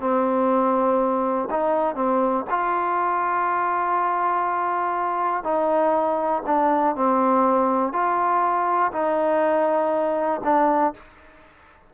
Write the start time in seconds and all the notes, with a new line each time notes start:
0.00 C4
1.50 D#4
1.95 C4
2.50 F4
5.43 D#4
6.46 D4
6.95 C4
7.92 F4
8.92 D#4
10.44 D4